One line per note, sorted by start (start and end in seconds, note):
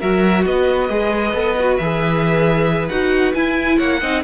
0.00 0.46 F#3
0.00 0.90 F#4
0.00 0.44 A#4
0.00 0.45 E5
0.45 0.89 B3
0.45 3.78 B4
0.45 1.77 D#5
0.89 1.34 G#3
0.89 1.34 G#4
1.34 1.78 B3
1.34 1.56 A4
1.59 1.81 F#4
1.77 2.90 E3
1.77 2.91 G#4
1.77 2.88 E5
2.88 3.34 D#4
2.88 3.34 F#4
2.88 3.33 F#5
3.34 4.01 E4
3.34 3.79 E4
3.34 3.78 G#5
3.78 4.02 A#3
3.78 4.00 C#5
3.78 4.23 F#5
4.01 4.24 C4
4.01 4.24 D#4
4.01 4.23 D#5